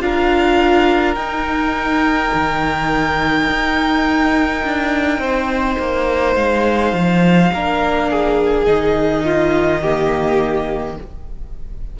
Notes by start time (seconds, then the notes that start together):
0.00 D4 F4 A#4 F5
1.14 D#4 G5
2.33 D#3
3.48 D#4
4.63 D4
5.18 C4 C5
5.79 A#3
6.35 G#3 F5
6.93 F3
7.53 A#3 D4 A#4
8.10 G#4
8.65 D#3 D#4 D#5
9.24 F4
9.81 A#3 G4